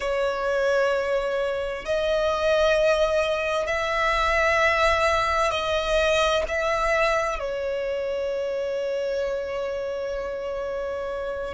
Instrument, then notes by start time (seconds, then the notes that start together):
violin
0.00 C#5
1.85 D#5
3.66 E5
5.50 D#5
6.47 E5
7.38 C#5